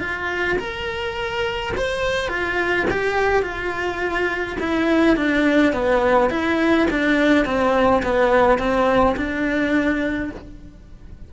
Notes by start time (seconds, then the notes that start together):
0.00 F4
0.58 A#4
1.77 C5
2.28 F4
2.90 G4
3.42 F4
4.60 E4
5.16 D4
5.73 B3
6.30 E4
6.90 D4
7.45 C4
8.03 B3
8.58 C4
9.16 D4